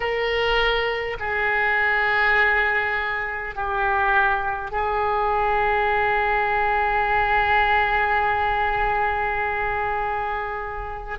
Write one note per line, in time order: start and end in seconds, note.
0.00 1.17 A#4
1.19 3.55 G#4
3.55 4.71 G4
4.71 11.18 G#4